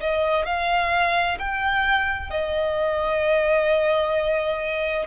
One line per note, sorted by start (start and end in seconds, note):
0.00 0.46 D#5
0.46 1.38 F5
1.38 2.30 G5
2.30 5.07 D#5